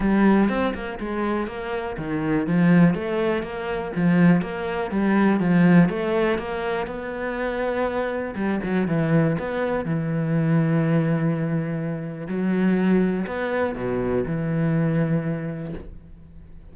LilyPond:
\new Staff \with { instrumentName = "cello" } { \time 4/4 \tempo 4 = 122 g4 c'8 ais8 gis4 ais4 | dis4 f4 a4 ais4 | f4 ais4 g4 f4 | a4 ais4 b2~ |
b4 g8 fis8 e4 b4 | e1~ | e4 fis2 b4 | b,4 e2. | }